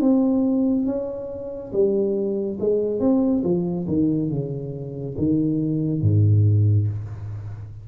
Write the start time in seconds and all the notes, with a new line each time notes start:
0.00 C4
0.86 C#4
1.72 G3
2.59 G#3
3.00 C4
3.44 F3
3.87 D#3
4.30 C#3
5.17 D#3
6.01 G#2